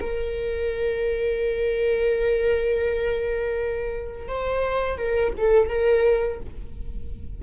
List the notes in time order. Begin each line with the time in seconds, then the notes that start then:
0.00 A#4
4.28 C5
4.97 A#4
5.37 A4
5.68 A#4